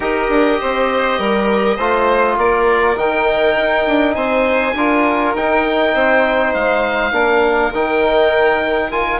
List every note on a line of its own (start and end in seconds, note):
0.00 0.29 D#4
0.00 1.77 G4
0.00 0.60 A#4
0.00 2.38 D#5
0.29 0.59 D4
0.60 1.18 C4
0.60 1.18 C5
1.18 1.77 G3
1.18 1.76 A#4
1.76 2.37 A3
1.76 2.96 F4
1.76 2.35 C5
2.37 2.96 A#3
2.37 4.15 A#4
2.37 2.97 D5
2.96 3.55 D#3
2.96 4.74 D#4
2.96 4.14 G5
3.55 3.85 D#4
3.87 4.15 D4
4.14 4.74 C4
4.14 4.74 C5
4.14 5.33 G#5
4.74 5.33 D4
4.74 5.36 F4
4.74 5.94 A#4
5.34 5.93 D#4
5.34 7.12 D#4
5.34 6.53 G5
5.94 6.53 C4
5.94 7.12 C5
6.53 7.12 G#3
6.53 7.72 F5
7.12 7.71 A#3
7.12 7.71 D4
7.12 9.19 A#4
7.72 9.19 D#3
7.72 8.91 D#4
7.72 8.91 G5
8.91 9.19 F4
8.91 9.19 G#5